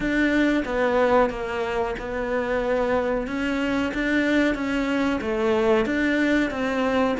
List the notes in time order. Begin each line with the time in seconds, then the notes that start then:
0.00 D4
0.65 B3
1.30 A#3
1.99 B3
3.27 C#4
3.93 D4
4.54 C#4
5.21 A3
5.85 D4
6.50 C4